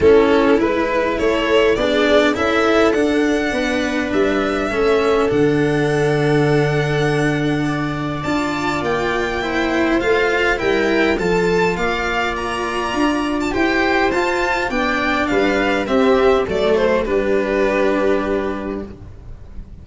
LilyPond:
<<
  \new Staff \with { instrumentName = "violin" } { \time 4/4 \tempo 4 = 102 a'4 b'4 cis''4 d''4 | e''4 fis''2 e''4~ | e''4 fis''2.~ | fis''2 a''4 g''4~ |
g''4 f''4 g''4 a''4 | f''4 ais''4.~ ais''16 a''16 g''4 | a''4 g''4 f''4 e''4 | d''8 c''8 b'2. | }
  \new Staff \with { instrumentName = "viola" } { \time 4/4 e'2 a'4 gis'4 | a'2 b'2 | a'1~ | a'4 d''2. |
c''2 ais'4 a'4 | d''2. c''4~ | c''4 d''4 b'4 g'4 | a'4 g'2. | }
  \new Staff \with { instrumentName = "cello" } { \time 4/4 cis'4 e'2 d'4 | e'4 d'2. | cis'4 d'2.~ | d'2 f'2 |
e'4 f'4 e'4 f'4~ | f'2. g'4 | f'4 d'2 c'4 | a4 d'2. | }
  \new Staff \with { instrumentName = "tuba" } { \time 4/4 a4 gis4 a4 b4 | cis'4 d'4 b4 g4 | a4 d2.~ | d2 d'4 ais4~ |
ais4 a4 g4 f4 | ais2 d'4 e'4 | f'4 b4 g4 c'4 | fis4 g2. | }
>>